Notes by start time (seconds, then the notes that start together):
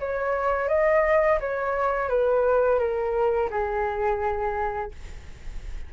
0.00 C#5
0.69 D#5
1.41 C#5
2.10 B4
2.79 A#4
3.50 G#4